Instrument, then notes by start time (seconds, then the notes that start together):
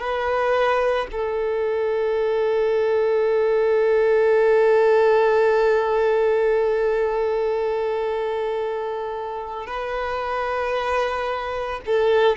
violin
0.00 B4
1.12 A4
9.67 B4
11.86 A4